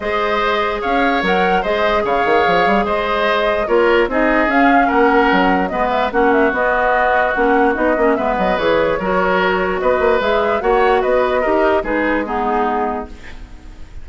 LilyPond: <<
  \new Staff \with { instrumentName = "flute" } { \time 4/4 \tempo 4 = 147 dis''2 f''4 fis''4 | dis''4 f''2 dis''4~ | dis''4 cis''4 dis''4 f''4 | fis''2 dis''8 e''8 fis''8 e''8 |
dis''2 fis''4 dis''4 | e''8 dis''8 cis''2. | dis''4 e''4 fis''4 dis''4~ | dis''4 b'4 gis'2 | }
  \new Staff \with { instrumentName = "oboe" } { \time 4/4 c''2 cis''2 | c''4 cis''2 c''4~ | c''4 ais'4 gis'2 | ais'2 b'4 fis'4~ |
fis'1 | b'2 ais'2 | b'2 cis''4 b'4 | ais'4 gis'4 dis'2 | }
  \new Staff \with { instrumentName = "clarinet" } { \time 4/4 gis'2. ais'4 | gis'1~ | gis'4 f'4 dis'4 cis'4~ | cis'2 b4 cis'4 |
b2 cis'4 dis'8 cis'8 | b4 gis'4 fis'2~ | fis'4 gis'4 fis'2 | g'4 dis'4 b2 | }
  \new Staff \with { instrumentName = "bassoon" } { \time 4/4 gis2 cis'4 fis4 | gis4 cis8 dis8 f8 g8 gis4~ | gis4 ais4 c'4 cis'4 | ais4 fis4 gis4 ais4 |
b2 ais4 b8 ais8 | gis8 fis8 e4 fis2 | b8 ais8 gis4 ais4 b4 | dis'4 gis2. | }
>>